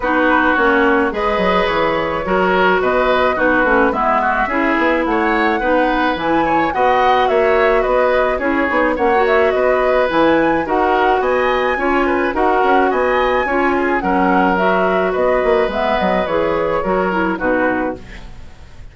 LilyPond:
<<
  \new Staff \with { instrumentName = "flute" } { \time 4/4 \tempo 4 = 107 b'4 cis''4 dis''4 cis''4~ | cis''4 dis''4 b'4 e''4~ | e''4 fis''2 gis''4 | fis''4 e''4 dis''4 cis''4 |
fis''8 e''8 dis''4 gis''4 fis''4 | gis''2 fis''4 gis''4~ | gis''4 fis''4 e''4 dis''4 | e''8 dis''8 cis''2 b'4 | }
  \new Staff \with { instrumentName = "oboe" } { \time 4/4 fis'2 b'2 | ais'4 b'4 fis'4 e'8 fis'8 | gis'4 cis''4 b'4. cis''8 | dis''4 cis''4 b'4 gis'4 |
cis''4 b'2 ais'4 | dis''4 cis''8 b'8 ais'4 dis''4 | cis''8 gis'8 ais'2 b'4~ | b'2 ais'4 fis'4 | }
  \new Staff \with { instrumentName = "clarinet" } { \time 4/4 dis'4 cis'4 gis'2 | fis'2 dis'8 cis'8 b4 | e'2 dis'4 e'4 | fis'2. e'8 dis'8 |
cis'16 fis'4.~ fis'16 e'4 fis'4~ | fis'4 f'4 fis'2 | f'4 cis'4 fis'2 | b4 gis'4 fis'8 e'8 dis'4 | }
  \new Staff \with { instrumentName = "bassoon" } { \time 4/4 b4 ais4 gis8 fis8 e4 | fis4 b,4 b8 a8 gis4 | cis'8 b8 a4 b4 e4 | b4 ais4 b4 cis'8 b8 |
ais4 b4 e4 dis'4 | b4 cis'4 dis'8 cis'8 b4 | cis'4 fis2 b8 ais8 | gis8 fis8 e4 fis4 b,4 | }
>>